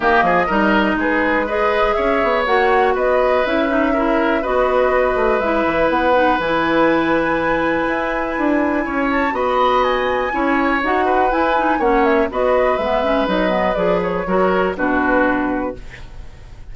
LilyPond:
<<
  \new Staff \with { instrumentName = "flute" } { \time 4/4 \tempo 4 = 122 dis''2 b'4 dis''4 | e''4 fis''4 dis''4 e''4~ | e''4 dis''2 e''4 | fis''4 gis''2.~ |
gis''2~ gis''8 a''8 b''4 | gis''2 fis''4 gis''4 | fis''8 e''8 dis''4 e''4 dis''4 | d''8 cis''4. b'2 | }
  \new Staff \with { instrumentName = "oboe" } { \time 4/4 g'8 gis'8 ais'4 gis'4 b'4 | cis''2 b'2 | ais'4 b'2.~ | b'1~ |
b'2 cis''4 dis''4~ | dis''4 cis''4. b'4. | cis''4 b'2.~ | b'4 ais'4 fis'2 | }
  \new Staff \with { instrumentName = "clarinet" } { \time 4/4 ais4 dis'2 gis'4~ | gis'4 fis'2 e'8 dis'8 | e'4 fis'2 e'4~ | e'8 dis'8 e'2.~ |
e'2. fis'4~ | fis'4 e'4 fis'4 e'8 dis'8 | cis'4 fis'4 b8 cis'8 dis'8 b8 | gis'4 fis'4 d'2 | }
  \new Staff \with { instrumentName = "bassoon" } { \time 4/4 dis8 f8 g4 gis2 | cis'8 b8 ais4 b4 cis'4~ | cis'4 b4. a8 gis8 e8 | b4 e2. |
e'4 d'4 cis'4 b4~ | b4 cis'4 dis'4 e'4 | ais4 b4 gis4 fis4 | f4 fis4 b,2 | }
>>